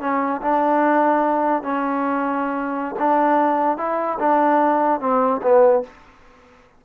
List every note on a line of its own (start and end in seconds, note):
0.00 0.41 C#4
0.41 1.62 D4
1.62 2.95 C#4
2.99 3.77 D4
3.77 4.18 E4
4.19 5.00 D4
5.00 5.41 C4
5.42 5.83 B3